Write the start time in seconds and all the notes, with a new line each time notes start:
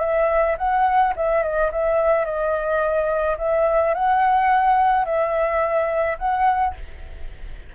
0.00 E5
0.58 F#5
1.16 E5
1.42 D#5
1.72 E5
2.25 D#5
3.38 E5
3.94 F#5
5.05 E5
6.18 F#5